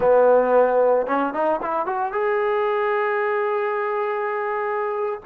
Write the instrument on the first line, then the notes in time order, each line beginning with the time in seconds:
trombone
0.00 B3
1.06 C#4
1.33 D#4
1.62 E4
1.86 F#4
2.12 G#4